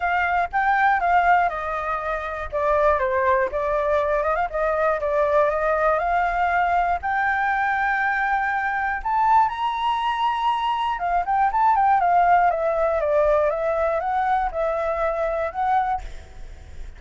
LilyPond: \new Staff \with { instrumentName = "flute" } { \time 4/4 \tempo 4 = 120 f''4 g''4 f''4 dis''4~ | dis''4 d''4 c''4 d''4~ | d''8 dis''16 f''16 dis''4 d''4 dis''4 | f''2 g''2~ |
g''2 a''4 ais''4~ | ais''2 f''8 g''8 a''8 g''8 | f''4 e''4 d''4 e''4 | fis''4 e''2 fis''4 | }